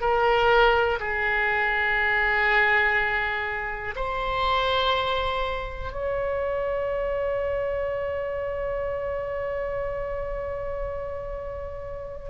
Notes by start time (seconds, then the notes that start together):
0.00 A#4
0.99 G#4
3.96 C5
5.92 C#5